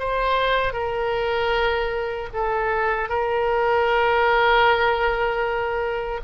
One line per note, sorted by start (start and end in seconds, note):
0.00 0.73 C5
0.73 2.29 A#4
2.34 3.09 A4
3.09 6.21 A#4